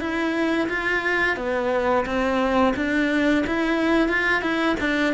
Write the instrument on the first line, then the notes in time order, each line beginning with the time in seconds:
cello
0.00 E4
0.69 F4
1.37 B3
2.05 C4
2.76 D4
3.46 E4
4.08 F4
4.42 E4
4.80 D4